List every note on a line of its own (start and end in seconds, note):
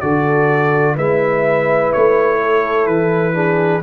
0.00 0.97 D3
0.00 0.97 F#4
0.00 0.95 A4
0.00 0.95 D5
0.95 1.92 G#3
0.95 3.34 E4
0.95 2.38 B4
0.95 1.92 E5
1.92 2.86 A3
1.92 2.86 C#5
2.41 3.34 A4
2.86 3.82 E3
2.86 3.82 B4
3.34 3.81 D4
3.34 3.82 G#4